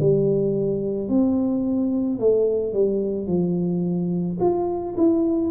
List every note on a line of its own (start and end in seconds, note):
0.00 1.09 G3
1.09 2.20 C4
2.20 2.74 A3
2.74 3.27 G3
3.27 4.38 F3
4.40 4.96 F4
4.97 5.52 E4